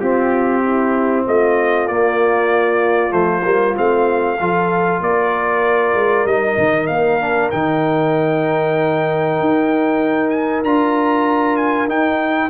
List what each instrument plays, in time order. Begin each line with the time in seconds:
0.00 tuba C4, trombone C4, horn F4, trumpet G4
0.63 horn E4
1.26 tuba A3, horn F4, trumpet D#5
1.88 tuba A#3, trombone A#3, trumpet D5
3.10 tuba F3, trombone A3, trumpet C5
3.43 tuba G3, trombone A#3
3.75 tuba A3, trombone C4, trumpet F5
4.40 tuba F3, trombone F4, horn A4
5.00 tuba A#3, horn A#4, trumpet D5
5.95 tuba G#3
6.25 tuba G3, trombone D#4, trumpet D#5
6.58 tuba D#3
6.87 tuba A#3, trumpet F5
7.21 trombone D4
7.51 tuba D#3, trombone D#4, trumpet G5
9.40 tuba D#4
10.30 trumpet G#5
10.64 tuba D4, trombone F4, trumpet A#5
11.57 trumpet G#5
11.88 trombone D#4, tuba D#4, trumpet G5